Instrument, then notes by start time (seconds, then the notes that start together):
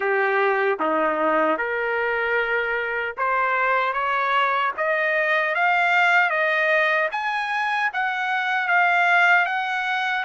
trumpet
0.00 G4
0.79 D#4
1.57 A#4
3.17 C5
3.93 C#5
4.77 D#5
5.54 F5
6.29 D#5
7.11 G#5
7.93 F#5
8.67 F5
9.45 F#5